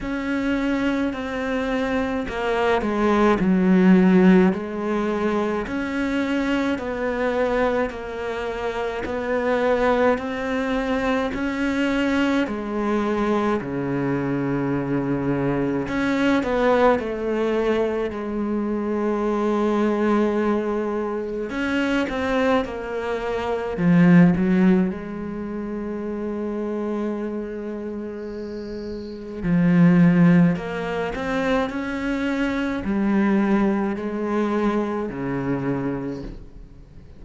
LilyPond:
\new Staff \with { instrumentName = "cello" } { \time 4/4 \tempo 4 = 53 cis'4 c'4 ais8 gis8 fis4 | gis4 cis'4 b4 ais4 | b4 c'4 cis'4 gis4 | cis2 cis'8 b8 a4 |
gis2. cis'8 c'8 | ais4 f8 fis8 gis2~ | gis2 f4 ais8 c'8 | cis'4 g4 gis4 cis4 | }